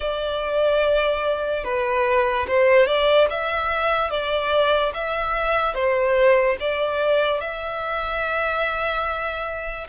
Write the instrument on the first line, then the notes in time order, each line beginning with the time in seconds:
violin
0.00 D5
1.64 B4
2.47 C5
2.86 D5
3.30 E5
4.10 D5
4.94 E5
5.74 C5
6.59 D5
7.40 E5